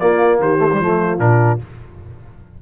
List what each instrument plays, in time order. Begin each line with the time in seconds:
0.00 trombone A#3, tuba A#3, horn F4, trumpet D5
0.40 tuba D#3, horn G4, trumpet C5
0.58 trombone A3
0.73 trombone G3
0.80 tuba F3, trombone A3, horn F4
1.19 tuba A#2, trombone D4, trumpet A#4